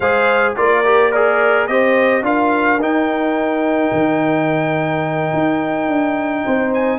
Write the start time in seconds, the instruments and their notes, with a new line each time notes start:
0.00 tuba G#3, trombone G#4, horn C5, trumpet F5
0.56 tuba A#3, trombone F4, horn A#4, trumpet D5
0.85 trombone G4
1.11 trombone G#4, trumpet A#4, horn D5
1.67 tuba C4, trombone G4, horn C5, trumpet D#5
2.22 tuba D4, trombone F4, horn A#4, trumpet F5
2.77 tuba D#4, trombone D#4, trumpet G5
3.92 tuba D#3
5.33 tuba D#4
5.88 tuba D4
6.44 tuba C4, horn C5
6.74 trumpet G#5